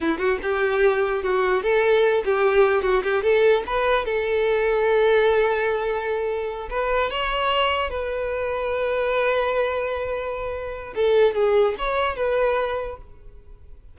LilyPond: \new Staff \with { instrumentName = "violin" } { \time 4/4 \tempo 4 = 148 e'8 fis'8 g'2 fis'4 | a'4. g'4. fis'8 g'8 | a'4 b'4 a'2~ | a'1~ |
a'8 b'4 cis''2 b'8~ | b'1~ | b'2. a'4 | gis'4 cis''4 b'2 | }